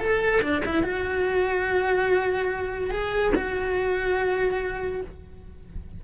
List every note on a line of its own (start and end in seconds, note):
0.00 0.42 A4
0.42 0.63 D4
0.66 0.84 E4
0.84 2.91 F#4
2.91 3.33 G#4
3.35 5.02 F#4